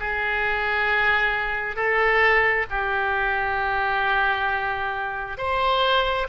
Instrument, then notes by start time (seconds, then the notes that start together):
oboe
0.00 G#4
1.77 A4
2.71 G4
5.38 C5